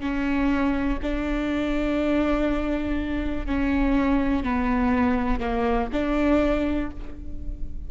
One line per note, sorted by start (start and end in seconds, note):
0.00 0.98 C#4
1.01 3.46 D4
3.46 4.43 C#4
4.43 5.39 B3
5.39 5.88 A#3
5.92 6.90 D4